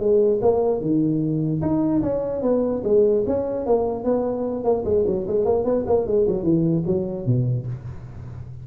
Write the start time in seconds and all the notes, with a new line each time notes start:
0.00 G#3
0.42 A#3
0.81 D#3
1.62 D#4
2.03 C#4
2.42 B3
2.84 G#3
3.27 C#4
3.66 A#3
4.04 B3
4.64 A#3
4.85 G#3
5.07 F#3
5.28 G#3
5.45 A#3
5.64 B3
5.87 A#3
6.07 G#3
6.28 F#3
6.44 E3
6.87 F#3
7.26 B2